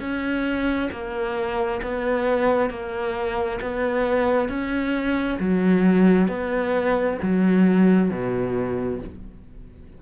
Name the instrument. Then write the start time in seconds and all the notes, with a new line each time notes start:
cello
0.00 C#4
0.92 A#3
1.82 B3
2.70 A#3
3.61 B3
4.49 C#4
5.39 F#3
6.28 B3
7.23 F#3
8.10 B2